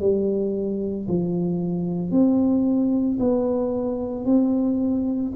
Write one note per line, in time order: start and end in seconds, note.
0.00 1.07 G3
1.08 2.11 F3
2.11 3.19 C4
3.19 4.25 B3
4.25 5.32 C4